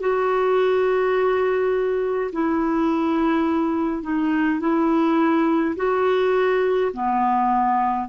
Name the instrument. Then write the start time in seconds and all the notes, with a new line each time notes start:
clarinet
0.00 F#4
2.32 E4
4.03 D#4
4.60 E4
5.76 F#4
6.93 B3